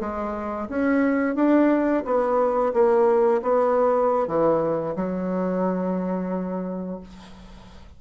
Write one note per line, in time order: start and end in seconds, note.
0.00 0.68 G#3
0.69 1.35 C#4
1.35 2.04 D4
2.05 2.73 B3
2.73 3.41 A#3
3.42 4.27 B3
4.27 4.95 E3
4.96 7.00 F#3